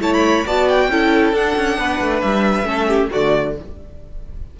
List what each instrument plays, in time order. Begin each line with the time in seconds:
0.00 cello A3, viola E4, violin C#5 A5
0.14 violin B5
0.46 cello B3, viola F#4, violin D5 A5
0.69 violin G5
0.89 cello C#4, viola E4, violin A4
1.33 cello D4, viola D4, violin F#5
1.56 cello C#4
1.78 cello B3, violin B4
2.01 cello A3
2.21 cello G3, violin E5
2.64 cello A3, viola C#4, violin A4
2.88 violin G4
3.11 cello D3, viola A3, violin F#4 D5